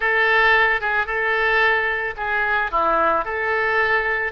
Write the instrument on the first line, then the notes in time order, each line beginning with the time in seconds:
oboe
0.00 A4
0.81 G#4
1.06 A4
2.16 G#4
2.71 E4
3.24 A4